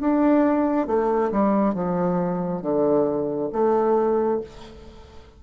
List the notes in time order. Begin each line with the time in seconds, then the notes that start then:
0.00 D4
0.87 A3
1.32 G3
1.74 F3
2.61 D3
3.52 A3